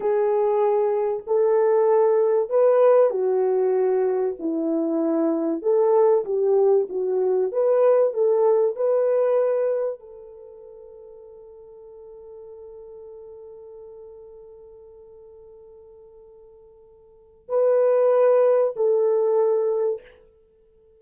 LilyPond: \new Staff \with { instrumentName = "horn" } { \time 4/4 \tempo 4 = 96 gis'2 a'2 | b'4 fis'2 e'4~ | e'4 a'4 g'4 fis'4 | b'4 a'4 b'2 |
a'1~ | a'1~ | a'1 | b'2 a'2 | }